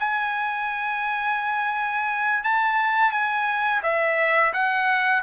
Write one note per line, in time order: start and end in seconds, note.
0.00 2.44 G#5
2.44 3.12 A5
3.12 3.82 G#5
3.83 4.53 E5
4.53 5.23 F#5